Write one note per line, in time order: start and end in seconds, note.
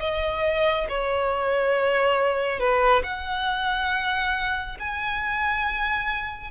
0.00 0.87 D#5
0.90 2.60 C#5
2.60 3.03 B4
3.04 4.78 F#5
4.80 6.51 G#5